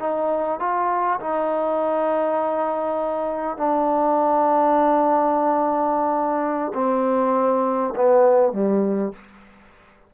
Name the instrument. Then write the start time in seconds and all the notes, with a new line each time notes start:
trombone
0.00 D#4
0.60 F4
1.21 D#4
3.58 D4
6.74 C4
7.96 B3
8.53 G3